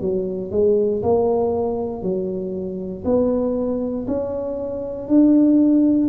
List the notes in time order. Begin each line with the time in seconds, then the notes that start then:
0.00 F#3
0.51 G#3
1.02 A#3
2.02 F#3
3.05 B3
4.07 C#4
5.08 D4